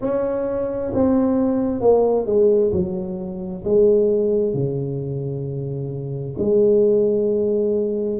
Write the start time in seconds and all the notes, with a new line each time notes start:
0.01 C#4
0.94 C4
1.81 A#3
2.26 G#3
2.72 F#3
3.64 G#3
4.53 C#3
6.38 G#3